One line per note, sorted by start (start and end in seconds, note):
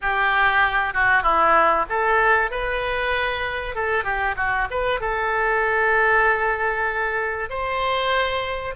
0.01 0.93 G4
0.93 1.22 F#4
1.22 1.85 E4
1.89 2.50 A4
2.50 3.75 B4
3.75 4.04 A4
4.04 4.35 G4
4.36 4.67 F#4
4.70 5.00 B4
5.00 7.49 A4
7.49 8.74 C5